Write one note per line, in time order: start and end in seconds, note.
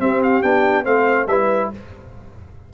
0.00 0.43 C4
0.00 0.85 G4
0.00 0.22 E5
0.24 0.43 F5
0.43 0.86 B3
0.43 0.85 D4
0.43 0.85 G5
0.85 1.27 A3
0.85 1.27 C4
0.85 1.27 C5
0.85 1.28 F5
1.27 1.70 G3
1.27 1.74 E4
1.27 1.72 B4
1.27 1.71 E5